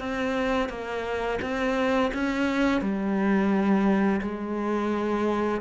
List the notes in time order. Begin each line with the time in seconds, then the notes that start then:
0.00 C4
0.69 A#3
1.42 C4
2.14 C#4
2.82 G3
4.22 G#3